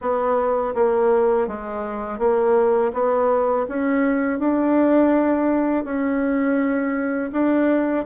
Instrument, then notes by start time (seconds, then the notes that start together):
bassoon
0.01 B3
0.74 A#3
1.47 G#3
2.18 A#3
2.93 B3
3.68 C#4
4.39 D4
5.84 C#4
7.32 D4